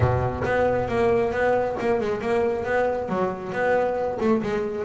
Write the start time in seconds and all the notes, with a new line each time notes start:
0.00 B2
0.44 B3
0.88 A#3
1.32 B3
1.79 A#3
2.00 G#3
2.21 A#3
2.64 B3
3.08 F#3
3.52 B3
4.20 A3
4.42 G#3